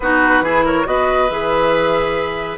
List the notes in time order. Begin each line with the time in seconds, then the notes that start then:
0.00 B3 D#4 F#4 B4
0.41 E3 E4 G#4
0.64 A#4 C#5
0.84 B3 F#4 B4 D#5
1.29 E3 G#4 E5